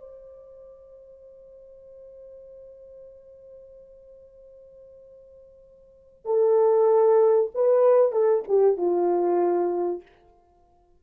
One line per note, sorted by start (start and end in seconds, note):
0.00 6.25 C5
6.25 7.50 A4
7.54 8.12 B4
8.12 8.43 A4
8.48 8.77 G4
8.77 10.02 F4